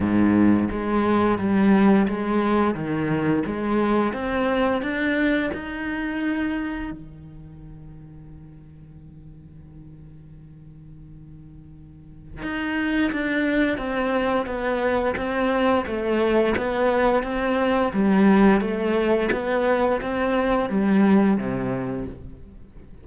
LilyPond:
\new Staff \with { instrumentName = "cello" } { \time 4/4 \tempo 4 = 87 gis,4 gis4 g4 gis4 | dis4 gis4 c'4 d'4 | dis'2 dis2~ | dis1~ |
dis2 dis'4 d'4 | c'4 b4 c'4 a4 | b4 c'4 g4 a4 | b4 c'4 g4 c4 | }